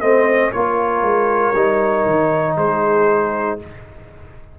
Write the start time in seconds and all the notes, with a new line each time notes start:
0.00 A3 C4 C5 D#5
0.52 A#3 F4 A#4 C#5
1.02 G#3
1.54 G3 D#4
2.06 D#3
2.57 G#3 G#4 C5